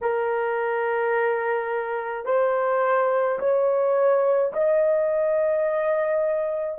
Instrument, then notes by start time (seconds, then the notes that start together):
horn
0.01 A#4
2.25 C5
3.39 C#5
4.53 D#5